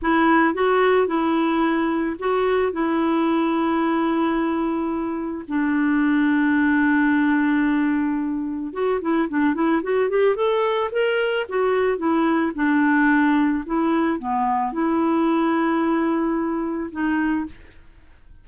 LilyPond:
\new Staff \with { instrumentName = "clarinet" } { \time 4/4 \tempo 4 = 110 e'4 fis'4 e'2 | fis'4 e'2.~ | e'2 d'2~ | d'1 |
fis'8 e'8 d'8 e'8 fis'8 g'8 a'4 | ais'4 fis'4 e'4 d'4~ | d'4 e'4 b4 e'4~ | e'2. dis'4 | }